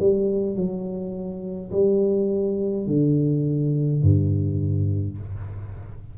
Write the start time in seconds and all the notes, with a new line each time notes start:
0.00 G3
0.56 F#3
1.72 G3
2.87 D3
4.02 G2